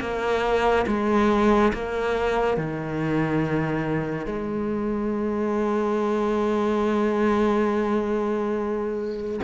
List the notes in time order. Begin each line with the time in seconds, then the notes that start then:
0.00 A#3
0.87 G#3
1.73 A#3
2.57 D#3
4.26 G#3